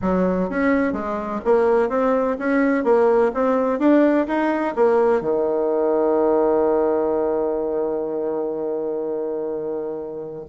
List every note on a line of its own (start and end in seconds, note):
0.01 0.49 F#3
0.49 0.92 C#4
0.92 1.40 G#3
1.44 1.89 A#3
1.89 2.36 C4
2.39 2.83 C#4
2.83 3.31 A#3
3.34 3.79 C4
3.79 4.26 D4
4.27 4.74 D#4
4.75 5.21 A#3
5.21 10.45 D#3